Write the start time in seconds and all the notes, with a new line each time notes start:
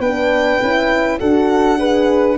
0.00 B3 D4 B4 G5
0.62 C#4 E4
1.20 D4 F#4 A4 F#5
1.78 G#4 B4